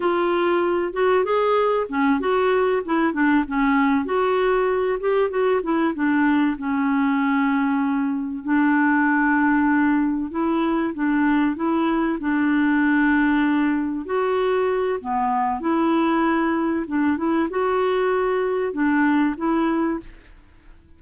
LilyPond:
\new Staff \with { instrumentName = "clarinet" } { \time 4/4 \tempo 4 = 96 f'4. fis'8 gis'4 cis'8 fis'8~ | fis'8 e'8 d'8 cis'4 fis'4. | g'8 fis'8 e'8 d'4 cis'4.~ | cis'4. d'2~ d'8~ |
d'8 e'4 d'4 e'4 d'8~ | d'2~ d'8 fis'4. | b4 e'2 d'8 e'8 | fis'2 d'4 e'4 | }